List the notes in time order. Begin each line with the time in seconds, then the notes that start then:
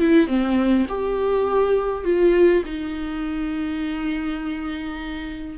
0.00 E4
0.28 C4
0.89 G4
2.04 F4
2.65 D#4